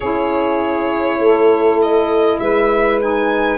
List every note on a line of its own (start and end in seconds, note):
0.00 1.18 C#4
0.00 3.00 E4
0.00 1.18 G#4
0.00 1.79 C#5
1.18 2.38 A3
1.18 2.41 A4
1.82 2.39 D#5
2.39 3.58 G#3
2.39 3.58 B4
2.39 2.99 E5
3.00 3.58 D#4
3.00 3.58 G#5